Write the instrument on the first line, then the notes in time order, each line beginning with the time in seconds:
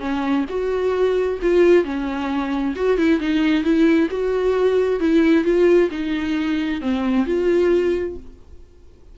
viola
0.00 C#4
0.49 F#4
1.42 F4
1.84 C#4
2.76 F#4
2.98 E4
3.20 D#4
3.64 E4
4.11 F#4
5.00 E4
5.45 F4
5.91 D#4
6.81 C4
7.26 F4